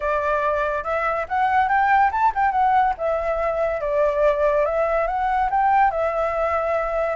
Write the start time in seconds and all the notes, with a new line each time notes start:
0.00 D5
0.83 E5
1.28 F#5
1.68 G5
2.11 A5
2.34 G5
2.51 F#5
2.97 E5
3.80 D5
4.65 E5
5.07 F#5
5.50 G5
5.90 E5